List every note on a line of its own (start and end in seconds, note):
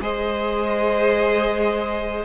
0.00 2.24 G#3
0.00 2.24 G#4
0.00 2.24 C5
0.00 2.24 D#5